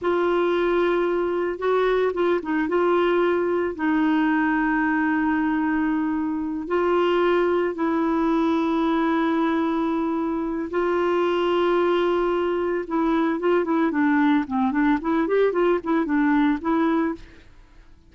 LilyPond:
\new Staff \with { instrumentName = "clarinet" } { \time 4/4 \tempo 4 = 112 f'2. fis'4 | f'8 dis'8 f'2 dis'4~ | dis'1~ | dis'8 f'2 e'4.~ |
e'1 | f'1 | e'4 f'8 e'8 d'4 c'8 d'8 | e'8 g'8 f'8 e'8 d'4 e'4 | }